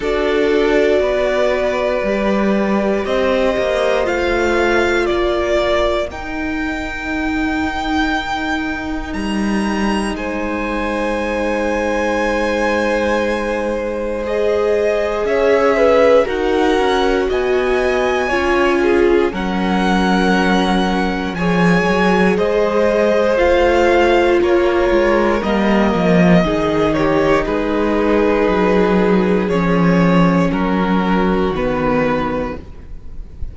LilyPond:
<<
  \new Staff \with { instrumentName = "violin" } { \time 4/4 \tempo 4 = 59 d''2. dis''4 | f''4 d''4 g''2~ | g''4 ais''4 gis''2~ | gis''2 dis''4 e''4 |
fis''4 gis''2 fis''4~ | fis''4 gis''4 dis''4 f''4 | cis''4 dis''4. cis''8 b'4~ | b'4 cis''4 ais'4 b'4 | }
  \new Staff \with { instrumentName = "violin" } { \time 4/4 a'4 b'2 c''4~ | c''4 ais'2.~ | ais'2 c''2~ | c''2. cis''8 b'8 |
ais'4 dis''4 cis''8 gis'8 ais'4~ | ais'4 cis''4 c''2 | ais'2 gis'8 g'8 gis'4~ | gis'2 fis'2 | }
  \new Staff \with { instrumentName = "viola" } { \time 4/4 fis'2 g'2 | f'2 dis'2~ | dis'1~ | dis'2 gis'2 |
fis'2 f'4 cis'4~ | cis'4 gis'2 f'4~ | f'4 ais4 dis'2~ | dis'4 cis'2 b4 | }
  \new Staff \with { instrumentName = "cello" } { \time 4/4 d'4 b4 g4 c'8 ais8 | a4 ais4 dis'2~ | dis'4 g4 gis2~ | gis2. cis'4 |
dis'8 cis'8 b4 cis'4 fis4~ | fis4 f8 fis8 gis4 a4 | ais8 gis8 g8 f8 dis4 gis4 | fis4 f4 fis4 dis4 | }
>>